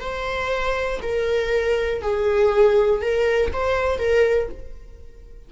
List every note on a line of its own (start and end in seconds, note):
0.00 1.00 C5
1.02 2.01 A#4
2.01 3.01 G#4
3.01 3.51 A#4
3.53 3.98 C5
3.98 4.48 A#4